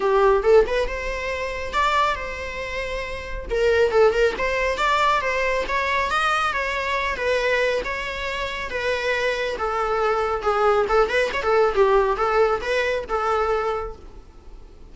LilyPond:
\new Staff \with { instrumentName = "viola" } { \time 4/4 \tempo 4 = 138 g'4 a'8 b'8 c''2 | d''4 c''2. | ais'4 a'8 ais'8 c''4 d''4 | c''4 cis''4 dis''4 cis''4~ |
cis''8 b'4. cis''2 | b'2 a'2 | gis'4 a'8 b'8 cis''16 a'8. g'4 | a'4 b'4 a'2 | }